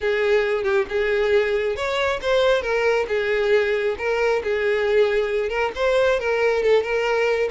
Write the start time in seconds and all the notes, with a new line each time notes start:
0.01 G#4
0.63 G4
0.89 G#4
1.75 C#5
2.21 C5
2.62 A#4
3.08 G#4
3.98 A#4
4.43 G#4
5.49 A#4
5.75 C5
6.19 A#4
6.62 A4
6.83 A#4